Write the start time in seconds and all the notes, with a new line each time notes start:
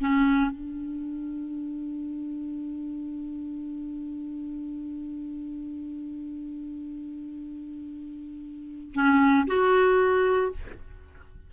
0.00 C#4
0.51 D4
8.94 C#4
9.47 F#4